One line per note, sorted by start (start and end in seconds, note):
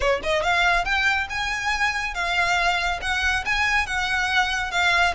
0.00 0.20 C#5
0.23 0.43 D#5
0.43 0.84 F5
0.84 1.27 G5
1.29 2.14 G#5
2.14 3.00 F5
3.01 3.44 F#5
3.45 3.86 G#5
3.86 4.71 F#5
4.71 5.14 F5